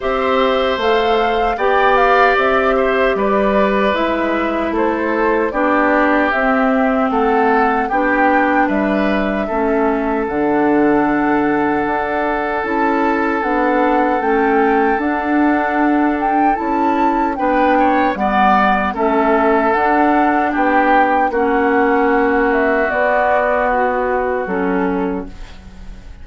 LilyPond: <<
  \new Staff \with { instrumentName = "flute" } { \time 4/4 \tempo 4 = 76 e''4 f''4 g''8 f''8 e''4 | d''4 e''4 c''4 d''4 | e''4 fis''4 g''4 e''4~ | e''4 fis''2. |
a''4 fis''4 g''4 fis''4~ | fis''8 g''8 a''4 g''4 fis''4 | e''4 fis''4 g''4 fis''4~ | fis''8 e''8 d''4 fis'4 a'4 | }
  \new Staff \with { instrumentName = "oboe" } { \time 4/4 c''2 d''4. c''8 | b'2 a'4 g'4~ | g'4 a'4 g'4 b'4 | a'1~ |
a'1~ | a'2 b'8 cis''8 d''4 | a'2 g'4 fis'4~ | fis'1 | }
  \new Staff \with { instrumentName = "clarinet" } { \time 4/4 g'4 a'4 g'2~ | g'4 e'2 d'4 | c'2 d'2 | cis'4 d'2. |
e'4 d'4 cis'4 d'4~ | d'4 e'4 d'4 b4 | cis'4 d'2 cis'4~ | cis'4 b2 cis'4 | }
  \new Staff \with { instrumentName = "bassoon" } { \time 4/4 c'4 a4 b4 c'4 | g4 gis4 a4 b4 | c'4 a4 b4 g4 | a4 d2 d'4 |
cis'4 b4 a4 d'4~ | d'4 cis'4 b4 g4 | a4 d'4 b4 ais4~ | ais4 b2 fis4 | }
>>